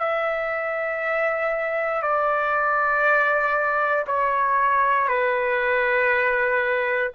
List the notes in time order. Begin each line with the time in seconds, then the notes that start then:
0.00 E5
2.02 D5
4.07 C#5
5.08 B4